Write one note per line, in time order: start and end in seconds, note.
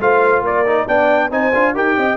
0.00 0.42 A3
0.00 0.65 F4
0.00 0.44 C5
0.00 0.44 F5
0.42 0.85 A#3
0.42 0.86 A#4
0.42 0.87 D5
0.66 0.88 D#4
0.86 1.30 B3
0.86 1.31 D4
0.86 1.30 D5
0.86 1.31 G5
1.30 1.52 C4
1.30 1.52 D#4
1.30 1.74 C5
1.30 1.75 G#5
1.54 1.75 D4
1.54 1.74 F4
1.74 1.97 D#4
1.74 2.17 G4
1.74 1.96 A#4
1.74 2.17 G5
1.96 2.17 C4
1.96 2.17 D#5